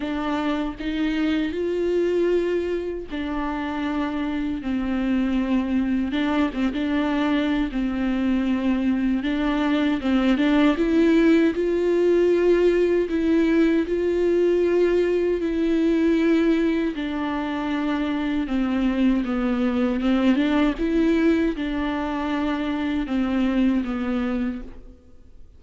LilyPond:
\new Staff \with { instrumentName = "viola" } { \time 4/4 \tempo 4 = 78 d'4 dis'4 f'2 | d'2 c'2 | d'8 c'16 d'4~ d'16 c'2 | d'4 c'8 d'8 e'4 f'4~ |
f'4 e'4 f'2 | e'2 d'2 | c'4 b4 c'8 d'8 e'4 | d'2 c'4 b4 | }